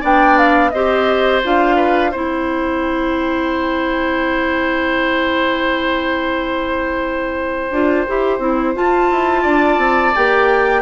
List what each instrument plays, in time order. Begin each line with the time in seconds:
0.00 bassoon B3, clarinet D4, oboe D5, flute G5
0.38 flute F5
0.70 bassoon C4, clarinet G4, oboe C5, flute D#5
1.43 bassoon D4, clarinet F4, flute F5
1.76 oboe B4
2.11 bassoon C4, clarinet E4, oboe C5, flute G5
7.70 bassoon D4, clarinet F4
8.07 bassoon E4, clarinet G4
8.39 bassoon C4, clarinet E4
8.74 clarinet F4, bassoon F4, flute A5
9.11 bassoon E4
9.42 bassoon D4, oboe D5
9.77 bassoon C4
10.14 bassoon A#3, clarinet G4, flute G5